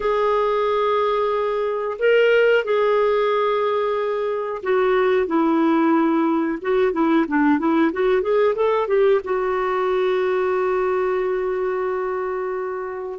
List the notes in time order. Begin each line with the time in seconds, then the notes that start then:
0.00 G#4
1.98 A#4
2.64 G#4
4.62 F#4
5.27 E4
6.61 F#4
6.92 E4
7.27 D4
7.58 E4
7.92 F#4
8.21 G#4
8.55 A4
8.87 G4
9.23 F#4